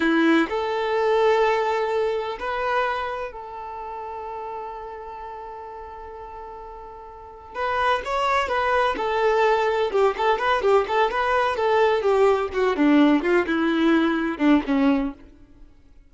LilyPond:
\new Staff \with { instrumentName = "violin" } { \time 4/4 \tempo 4 = 127 e'4 a'2.~ | a'4 b'2 a'4~ | a'1~ | a'1 |
b'4 cis''4 b'4 a'4~ | a'4 g'8 a'8 b'8 g'8 a'8 b'8~ | b'8 a'4 g'4 fis'8 d'4 | f'8 e'2 d'8 cis'4 | }